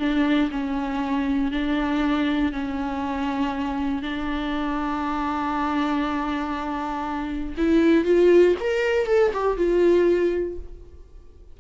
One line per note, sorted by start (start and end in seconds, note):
0.00 0.50 D4
0.51 1.52 C#4
1.52 2.53 D4
2.53 4.02 C#4
4.02 7.55 D4
7.58 8.05 E4
8.05 8.55 F4
8.61 9.07 A#4
9.07 9.32 A4
9.34 9.57 G4
9.57 10.58 F4